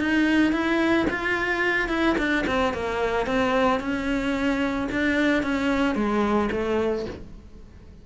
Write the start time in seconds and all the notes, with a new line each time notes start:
0.00 D#4
0.53 E4
1.10 F4
1.89 E4
2.18 D4
2.47 C4
2.73 A#3
3.26 C4
3.80 C#4
4.92 D4
5.43 C#4
5.95 G#3
6.52 A3